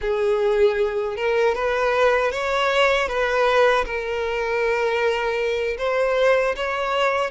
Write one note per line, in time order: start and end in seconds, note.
0.01 1.16 G#4
1.16 1.54 A#4
1.54 2.31 B4
2.31 3.08 C#5
3.08 3.85 B4
3.85 5.77 A#4
5.78 6.55 C5
6.56 7.30 C#5